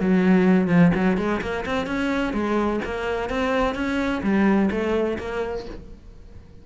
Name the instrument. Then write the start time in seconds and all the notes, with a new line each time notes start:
cello
0.00 F#3
0.68 F3
0.94 F#3
1.17 G#3
1.41 A#3
1.66 C4
1.86 C#4
2.33 G#3
2.85 A#3
3.30 C4
3.75 C#4
4.23 G3
4.71 A3
5.19 A#3